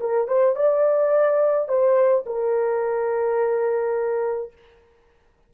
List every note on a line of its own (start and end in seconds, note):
0.00 0.27 A#4
0.27 0.55 C5
0.55 1.68 D5
1.68 2.25 C5
2.26 4.52 A#4